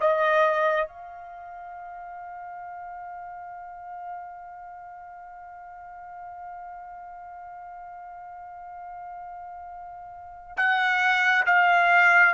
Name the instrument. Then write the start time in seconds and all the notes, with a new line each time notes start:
trumpet
0.00 D#5
0.87 F5
10.56 F#5
11.46 F5